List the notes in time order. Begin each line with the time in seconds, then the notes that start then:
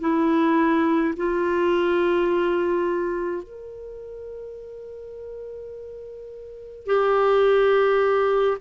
0.00 E4
1.16 F4
3.43 A#4
6.86 G4